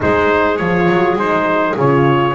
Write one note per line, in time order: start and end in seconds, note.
0.00 0.60 G#3
0.00 0.59 D#4
0.00 2.34 G#4
0.00 0.57 C5
0.57 0.89 F3
0.57 1.18 F4
0.57 1.16 C#5
0.89 1.16 F#3
1.16 1.74 G#3
1.16 1.77 D#4
1.16 1.77 C5
1.76 2.34 C#3
1.76 2.34 F4
1.76 2.34 C#5